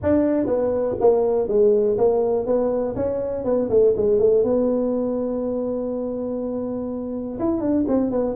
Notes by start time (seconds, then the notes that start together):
0.02 D4
0.46 B3
1.00 A#3
1.48 G#3
1.97 A#3
2.46 B3
2.95 C#4
3.44 B3
3.69 A3
3.96 G#3
4.19 A3
4.43 B3
7.39 E4
7.60 D4
7.88 C4
8.11 B3